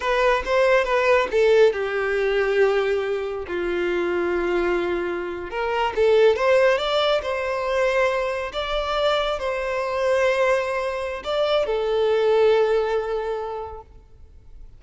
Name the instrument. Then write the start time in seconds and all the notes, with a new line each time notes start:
violin
0.00 B4
0.45 C5
0.84 B4
1.31 A4
1.72 G4
3.47 F4
5.50 A#4
5.95 A4
6.36 C5
6.78 D5
7.22 C5
8.53 D5
9.39 C5
11.23 D5
11.65 A4